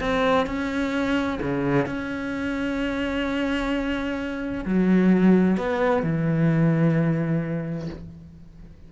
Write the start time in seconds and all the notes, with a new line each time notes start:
0.00 C4
0.46 C#4
1.42 C#3
1.86 C#4
4.65 F#3
5.57 B3
6.03 E3